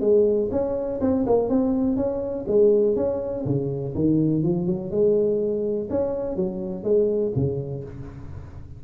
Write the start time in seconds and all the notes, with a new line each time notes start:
0.00 G#3
0.51 C#4
1.00 C4
1.26 A#3
1.49 C4
1.96 C#4
2.47 G#3
2.95 C#4
3.45 C#3
3.94 D#3
4.42 F3
4.66 F#3
4.90 G#3
5.90 C#4
6.36 F#3
6.83 G#3
7.35 C#3